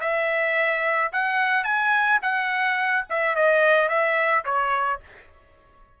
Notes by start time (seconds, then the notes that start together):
0.00 E5
1.12 F#5
1.64 G#5
2.21 F#5
3.09 E5
3.35 D#5
3.89 E5
4.44 C#5